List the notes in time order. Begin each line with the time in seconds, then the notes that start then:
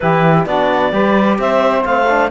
0.00 E3 E4 G4 B4
0.46 B3 D4 F#4 D5
0.91 G3 G4 B4
1.38 C4 C5 E5
1.81 A3 C4 F5
2.08 D4